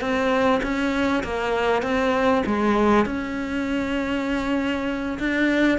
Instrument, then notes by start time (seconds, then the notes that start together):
cello
0.00 C4
0.63 C#4
1.23 A#3
1.82 C4
2.46 G#3
3.06 C#4
5.19 D4